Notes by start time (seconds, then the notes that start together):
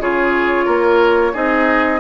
0.00 C#3 F4 G#4 C#5
0.66 A#3 A#4
1.33 C4 D#4 G#4 D#5